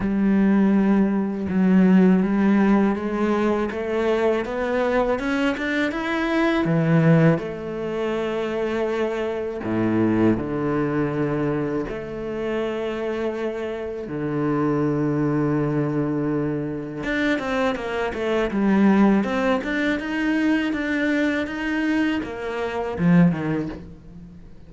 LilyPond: \new Staff \with { instrumentName = "cello" } { \time 4/4 \tempo 4 = 81 g2 fis4 g4 | gis4 a4 b4 cis'8 d'8 | e'4 e4 a2~ | a4 a,4 d2 |
a2. d4~ | d2. d'8 c'8 | ais8 a8 g4 c'8 d'8 dis'4 | d'4 dis'4 ais4 f8 dis8 | }